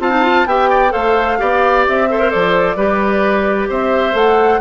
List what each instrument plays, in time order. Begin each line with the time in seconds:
0.00 bassoon C4, clarinet F4, oboe F5, flute A5
0.11 clarinet D#4
0.22 clarinet F4
0.46 bassoon B3, clarinet G4, oboe E5, flute G5
0.70 oboe D5
0.90 bassoon A3, clarinet A4, oboe C5, flute F5
1.38 bassoon B3, clarinet G4, oboe D5
1.88 bassoon C4, flute E5
2.10 clarinet A4, oboe C5
2.20 clarinet A#4
2.30 bassoon F3, clarinet A4, flute D5
2.76 bassoon G3, clarinet G4, oboe B4
3.69 bassoon C4, oboe C5, flute E5
4.13 bassoon A3, clarinet A4, flute F#5